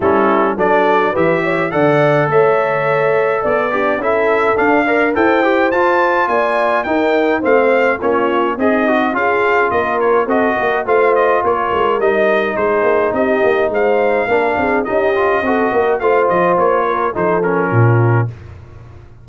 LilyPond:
<<
  \new Staff \with { instrumentName = "trumpet" } { \time 4/4 \tempo 4 = 105 a'4 d''4 e''4 fis''4 | e''2 d''4 e''4 | f''4 g''4 a''4 gis''4 | g''4 f''4 cis''4 dis''4 |
f''4 dis''8 cis''8 dis''4 f''8 dis''8 | cis''4 dis''4 c''4 dis''4 | f''2 dis''2 | f''8 dis''8 cis''4 c''8 ais'4. | }
  \new Staff \with { instrumentName = "horn" } { \time 4/4 e'4 a'4 b'8 cis''8 d''4 | cis''2 d''8 d'8 a'4~ | a'8 d''8 c''2 d''4 | ais'4 c''4 f'4 dis'4 |
gis'4 ais'4 a'8 ais'8 c''4 | ais'2 gis'4 g'4 | c''4 ais'8 gis'8 g'4 a'8 ais'8 | c''4. ais'8 a'4 f'4 | }
  \new Staff \with { instrumentName = "trombone" } { \time 4/4 cis'4 d'4 g'4 a'4~ | a'2~ a'8 g'8 e'4 | d'8 ais'8 a'8 g'8 f'2 | dis'4 c'4 cis'4 gis'8 fis'8 |
f'2 fis'4 f'4~ | f'4 dis'2.~ | dis'4 d'4 dis'8 f'8 fis'4 | f'2 dis'8 cis'4. | }
  \new Staff \with { instrumentName = "tuba" } { \time 4/4 g4 fis4 e4 d4 | a2 b4 cis'4 | d'4 e'4 f'4 ais4 | dis'4 a4 ais4 c'4 |
cis'4 ais4 c'8 ais8 a4 | ais8 gis8 g4 gis8 ais8 c'8 ais8 | gis4 ais8 c'8 cis'4 c'8 ais8 | a8 f8 ais4 f4 ais,4 | }
>>